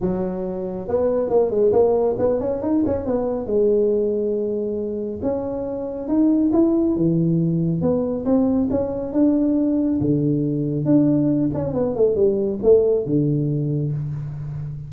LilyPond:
\new Staff \with { instrumentName = "tuba" } { \time 4/4 \tempo 4 = 138 fis2 b4 ais8 gis8 | ais4 b8 cis'8 dis'8 cis'8 b4 | gis1 | cis'2 dis'4 e'4 |
e2 b4 c'4 | cis'4 d'2 d4~ | d4 d'4. cis'8 b8 a8 | g4 a4 d2 | }